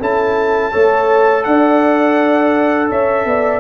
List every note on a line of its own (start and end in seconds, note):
0.00 0.73 C#4
0.00 0.72 E4
0.00 0.72 A4
0.00 1.44 A5
0.72 1.46 A3
0.72 3.60 A4
0.72 1.44 C#5
1.44 2.90 D4
1.44 2.89 D5
1.44 2.88 F#5
2.89 3.25 C#4
2.89 3.25 C#5
2.89 3.60 E5
3.25 3.60 B3
3.25 3.60 D5